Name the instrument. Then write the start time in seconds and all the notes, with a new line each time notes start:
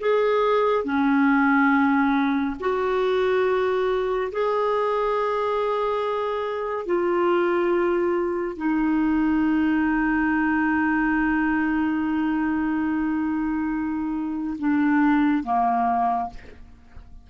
clarinet
0.00 G#4
0.85 C#4
2.60 F#4
4.32 G#4
6.86 F4
8.57 D#4
14.59 D4
15.44 A#3